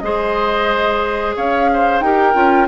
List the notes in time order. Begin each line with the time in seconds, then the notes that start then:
0.00 G#3 G#4 C5 D#5
1.36 C#4 C#5 F5
1.74 C5
2.01 D#4 G4 A#4 G5
2.34 C#4 F4